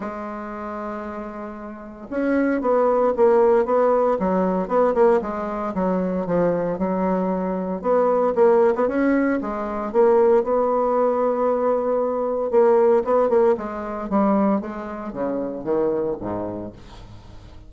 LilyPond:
\new Staff \with { instrumentName = "bassoon" } { \time 4/4 \tempo 4 = 115 gis1 | cis'4 b4 ais4 b4 | fis4 b8 ais8 gis4 fis4 | f4 fis2 b4 |
ais8. b16 cis'4 gis4 ais4 | b1 | ais4 b8 ais8 gis4 g4 | gis4 cis4 dis4 gis,4 | }